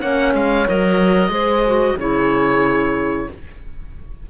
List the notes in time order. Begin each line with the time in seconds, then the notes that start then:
0.00 A#3 C#4 C#5 F#5
0.34 G#3 F5
0.67 F#3 A#4 D#5
1.29 G#3 G#4 C5
1.66 F#4
1.97 C#3 E4 G#4 C#5